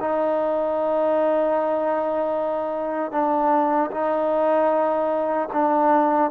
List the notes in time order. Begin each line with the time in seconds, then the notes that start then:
0.00 D#4
3.11 D4
3.91 D#4
5.53 D4